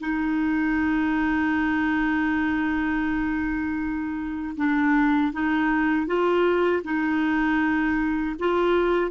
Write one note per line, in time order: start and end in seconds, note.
0.00 4.56 D#4
4.57 5.33 D4
5.33 6.07 D#4
6.07 6.83 F4
6.84 8.36 D#4
8.39 9.11 F4